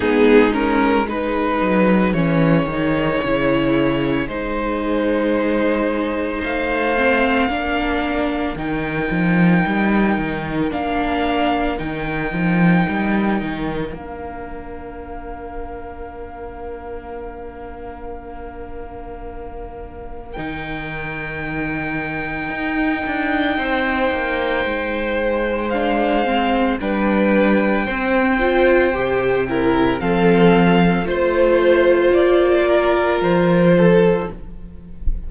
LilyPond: <<
  \new Staff \with { instrumentName = "violin" } { \time 4/4 \tempo 4 = 56 gis'8 ais'8 b'4 cis''2 | c''2 f''2 | g''2 f''4 g''4~ | g''4 f''2.~ |
f''2. g''4~ | g''1 | f''4 g''2. | f''4 c''4 d''4 c''4 | }
  \new Staff \with { instrumentName = "violin" } { \time 4/4 dis'4 gis'2.~ | gis'2 c''4 ais'4~ | ais'1~ | ais'1~ |
ais'1~ | ais'2 c''2~ | c''4 b'4 c''4. ais'8 | a'4 c''4. ais'4 a'8 | }
  \new Staff \with { instrumentName = "viola" } { \time 4/4 b8 cis'8 dis'4 cis'8 dis'8 e'4 | dis'2~ dis'8 c'8 d'4 | dis'2 d'4 dis'4~ | dis'4 d'2.~ |
d'2. dis'4~ | dis'1 | d'8 c'8 d'4 c'8 f'8 g'8 e'8 | c'4 f'2. | }
  \new Staff \with { instrumentName = "cello" } { \time 4/4 gis4. fis8 e8 dis8 cis4 | gis2 a4 ais4 | dis8 f8 g8 dis8 ais4 dis8 f8 | g8 dis8 ais2.~ |
ais2. dis4~ | dis4 dis'8 d'8 c'8 ais8 gis4~ | gis4 g4 c'4 c4 | f4 a4 ais4 f4 | }
>>